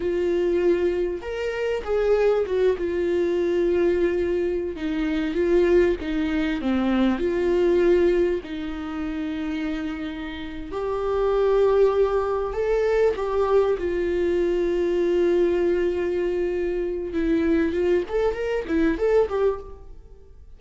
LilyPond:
\new Staff \with { instrumentName = "viola" } { \time 4/4 \tempo 4 = 98 f'2 ais'4 gis'4 | fis'8 f'2.~ f'16 dis'16~ | dis'8. f'4 dis'4 c'4 f'16~ | f'4.~ f'16 dis'2~ dis'16~ |
dis'4. g'2~ g'8~ | g'8 a'4 g'4 f'4.~ | f'1 | e'4 f'8 a'8 ais'8 e'8 a'8 g'8 | }